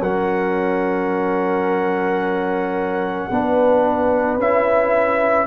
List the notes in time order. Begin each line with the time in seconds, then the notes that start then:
0.00 F#3 C#4 A#4 F#5
3.30 B3 D4 B4
4.37 C#4 E4 E5